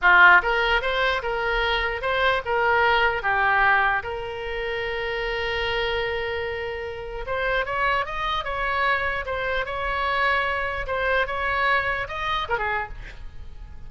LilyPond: \new Staff \with { instrumentName = "oboe" } { \time 4/4 \tempo 4 = 149 f'4 ais'4 c''4 ais'4~ | ais'4 c''4 ais'2 | g'2 ais'2~ | ais'1~ |
ais'2 c''4 cis''4 | dis''4 cis''2 c''4 | cis''2. c''4 | cis''2 dis''4 ais'16 gis'8. | }